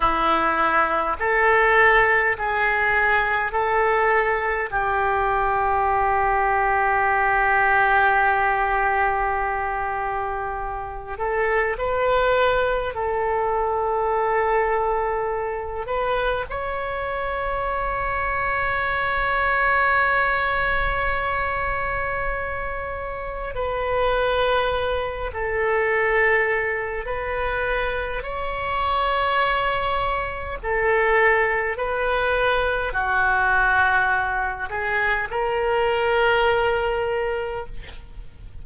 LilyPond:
\new Staff \with { instrumentName = "oboe" } { \time 4/4 \tempo 4 = 51 e'4 a'4 gis'4 a'4 | g'1~ | g'4. a'8 b'4 a'4~ | a'4. b'8 cis''2~ |
cis''1 | b'4. a'4. b'4 | cis''2 a'4 b'4 | fis'4. gis'8 ais'2 | }